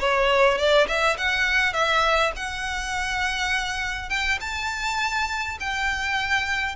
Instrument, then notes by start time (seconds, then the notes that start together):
violin
0.00 C#5
0.58 D5
0.88 E5
1.18 F#5
1.74 E5
2.36 F#5
4.10 G5
4.41 A5
5.60 G5